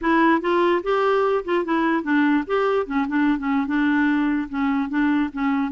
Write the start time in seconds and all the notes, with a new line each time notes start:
0.01 E4
0.41 F4
0.83 G4
1.45 F4
1.64 E4
2.03 D4
2.46 G4
2.86 C#4
3.08 D4
3.38 C#4
3.66 D4
4.49 C#4
4.89 D4
5.32 C#4